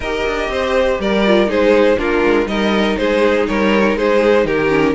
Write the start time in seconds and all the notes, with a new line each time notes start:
0.00 D#4 G4 A#4 D#5
0.26 D4
0.48 C4 C5
0.99 G3 A#4 D5
1.26 F4
1.47 G#3 D#4 G#4 C5
1.97 A#3 D4 F4 A#4
2.24 G#3
2.46 G3 D#4 A#4 D#5
2.96 G#3 G#4 C5
3.47 G3 A#4 C#5
3.95 G#3 G#4 C5
4.44 D#3 G4 A#4
4.69 C#4